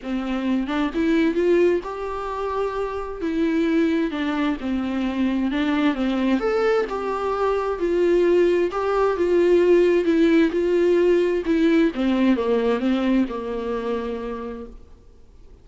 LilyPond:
\new Staff \with { instrumentName = "viola" } { \time 4/4 \tempo 4 = 131 c'4. d'8 e'4 f'4 | g'2. e'4~ | e'4 d'4 c'2 | d'4 c'4 a'4 g'4~ |
g'4 f'2 g'4 | f'2 e'4 f'4~ | f'4 e'4 c'4 ais4 | c'4 ais2. | }